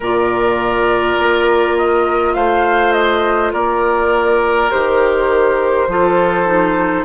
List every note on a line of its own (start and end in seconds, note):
0.00 1.17 A#2
0.00 4.70 F4
0.00 2.33 A#4
0.00 1.77 D5
1.18 2.35 A#3
1.77 2.34 D#5
2.34 3.53 A3
2.34 3.52 C5
2.34 2.92 F5
2.92 3.51 D#5
3.52 4.70 A#3
3.52 5.87 A#4
3.52 4.70 D5
4.70 5.87 D#3
4.70 5.88 G4
4.70 7.04 C5
5.87 7.04 F3
5.87 6.46 F4
5.87 7.04 A4
6.46 7.04 D#4